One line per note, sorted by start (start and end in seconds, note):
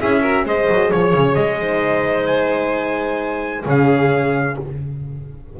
0.00 0.45 C#4
0.00 0.23 E4
0.00 0.21 G#4
0.00 0.46 E5
0.21 0.46 F#4
0.21 0.44 A#4
0.45 0.68 G#3
0.45 1.60 G#4
0.45 0.91 C5
0.45 0.90 D#5
0.69 0.92 F#3
0.90 1.13 F3
0.90 1.35 C#5
0.90 1.60 C#5
1.13 1.35 C#3
1.35 3.64 G#3
1.35 2.26 D#5
1.60 3.65 D#4
1.60 3.64 C5
2.26 3.63 G#5
3.64 4.57 C#3
3.64 4.56 C#4
3.64 4.56 G#4
3.64 4.59 F5